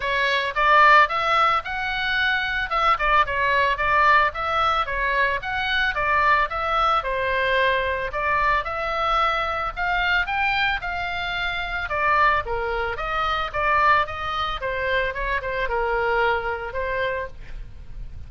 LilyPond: \new Staff \with { instrumentName = "oboe" } { \time 4/4 \tempo 4 = 111 cis''4 d''4 e''4 fis''4~ | fis''4 e''8 d''8 cis''4 d''4 | e''4 cis''4 fis''4 d''4 | e''4 c''2 d''4 |
e''2 f''4 g''4 | f''2 d''4 ais'4 | dis''4 d''4 dis''4 c''4 | cis''8 c''8 ais'2 c''4 | }